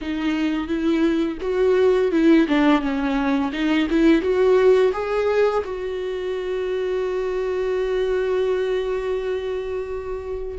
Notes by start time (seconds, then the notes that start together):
0.01 D#4
0.67 E4
1.41 F#4
2.11 E4
2.48 D4
2.81 C#4
3.52 D#4
3.90 E4
4.21 F#4
4.92 G#4
5.64 F#4